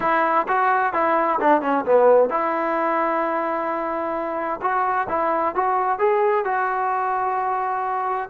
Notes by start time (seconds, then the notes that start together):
0.00 E4
0.47 F#4
0.93 E4
1.40 D4
1.61 C#4
1.85 B3
2.29 E4
4.61 F#4
5.09 E4
5.55 F#4
5.99 G#4
6.44 F#4